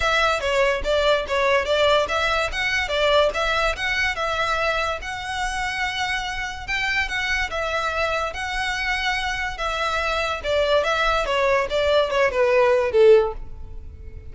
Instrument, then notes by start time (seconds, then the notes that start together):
violin
0.00 E5
0.40 C#5
0.84 D5
1.27 C#5
1.65 D5
2.08 E5
2.52 F#5
2.88 D5
3.34 E5
3.76 F#5
4.15 E5
5.01 F#5
6.67 G5
7.08 F#5
7.50 E5
8.33 F#5
9.57 E5
10.43 D5
10.84 E5
11.25 C#5
11.70 D5
12.10 C#5
12.31 B4
12.91 A4